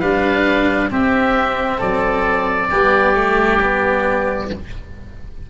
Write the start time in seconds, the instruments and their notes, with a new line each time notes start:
0.00 tuba G3, cello D4, oboe B4 F5
0.91 cello C4, tuba C4, oboe G4 E5
1.78 tuba F#3, oboe A4 D5
2.71 tuba G3, cello B3, oboe G4
3.15 cello A3
3.61 cello B3